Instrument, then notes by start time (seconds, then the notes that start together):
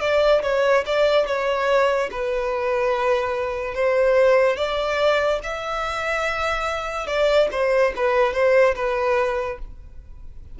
violin
0.00 D5
0.42 C#5
0.86 D5
1.26 C#5
2.11 B4
3.74 C5
4.56 D5
5.43 E5
7.06 D5
7.51 C5
7.96 B4
8.33 C5
8.75 B4